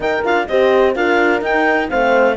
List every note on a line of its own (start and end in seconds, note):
0.00 0.22 D#4
0.00 0.23 D#4
0.00 0.47 A#4
0.00 0.25 G5
0.24 0.48 D4
0.24 0.48 F4
0.24 0.47 F5
0.47 0.95 C4
0.47 0.95 G4
0.47 0.96 C5
0.47 0.95 D#5
0.95 1.41 D4
0.95 1.40 F4
0.95 1.89 A#4
0.95 1.43 F5
1.40 1.87 D#4
1.40 1.89 D#4
1.40 1.89 G5
1.89 2.36 A3
1.89 2.36 C4
1.89 2.36 C5
1.89 2.36 F5